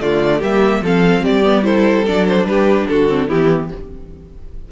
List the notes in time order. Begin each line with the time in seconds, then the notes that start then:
0.00 D3 A3 F4 D5
0.38 G3 A#3 G4 E5
0.81 F3 C4 A4 F5
1.23 G3 G4 D5
1.43 B3
1.63 E4 A4 C5
2.06 F#3 D4 D5
2.27 C5
2.44 G3 G4 B4
2.88 D3 F#4 A4
3.09 C4
3.28 E3 B3 E4 G4